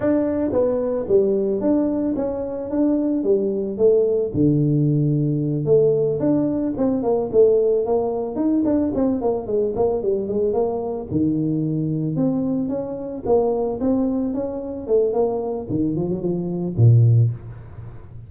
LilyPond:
\new Staff \with { instrumentName = "tuba" } { \time 4/4 \tempo 4 = 111 d'4 b4 g4 d'4 | cis'4 d'4 g4 a4 | d2~ d8 a4 d'8~ | d'8 c'8 ais8 a4 ais4 dis'8 |
d'8 c'8 ais8 gis8 ais8 g8 gis8 ais8~ | ais8 dis2 c'4 cis'8~ | cis'8 ais4 c'4 cis'4 a8 | ais4 dis8 f16 fis16 f4 ais,4 | }